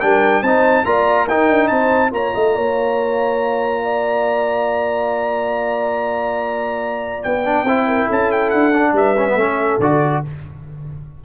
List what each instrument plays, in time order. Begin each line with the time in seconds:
0.00 tuba G3, trombone D4, horn A#4, trumpet G5
0.42 tuba C4, trombone D#4, horn C5, trumpet A5
0.85 tuba A#3, trombone F4, horn D5, trumpet A#5
1.26 tuba D#4, trombone D#4, horn A#4, trumpet G5
1.49 tuba D4
1.68 tuba C4, horn C5, trumpet A5
2.10 tuba A#3, trombone F4, horn C#5, trumpet A#5
2.35 tuba A3, horn D#5
2.55 tuba A#3, horn C#5
3.83 horn D5
7.23 tuba B3, trumpet G5
7.45 trombone D4
7.64 tuba C4, trombone E4, horn C5
7.87 horn A#4
8.07 tuba C#4, horn A4, trumpet A5
8.31 trumpet G5
8.50 tuba D4, trumpet F#5
8.73 trombone D4
8.93 tuba G3, horn B4, trumpet E5
9.17 trombone C#4
9.28 trombone B3
9.35 tuba A3, trombone C#4, horn A4
9.79 tuba D3, trombone F#4, trumpet D5